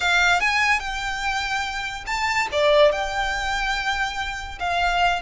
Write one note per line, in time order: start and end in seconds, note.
0.00 0.40 F5
0.40 0.79 G#5
0.79 2.04 G5
2.06 2.48 A5
2.52 2.92 D5
2.92 4.58 G5
4.59 5.21 F5